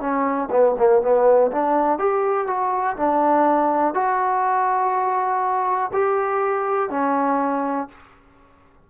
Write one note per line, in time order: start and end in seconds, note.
0.00 0.49 C#4
0.51 0.76 B3
0.78 1.02 A#3
1.02 1.51 B3
1.52 1.99 D4
1.99 2.47 G4
2.47 2.96 F#4
2.97 3.94 D4
3.94 5.91 F#4
5.93 6.90 G4
6.90 7.89 C#4